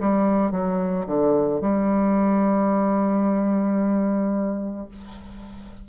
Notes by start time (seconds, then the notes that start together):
0.00 G3
0.51 F#3
1.07 D3
1.61 G3